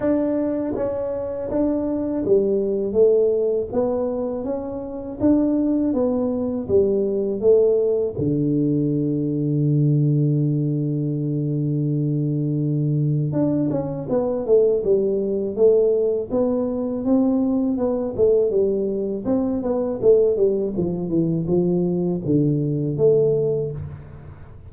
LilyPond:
\new Staff \with { instrumentName = "tuba" } { \time 4/4 \tempo 4 = 81 d'4 cis'4 d'4 g4 | a4 b4 cis'4 d'4 | b4 g4 a4 d4~ | d1~ |
d2 d'8 cis'8 b8 a8 | g4 a4 b4 c'4 | b8 a8 g4 c'8 b8 a8 g8 | f8 e8 f4 d4 a4 | }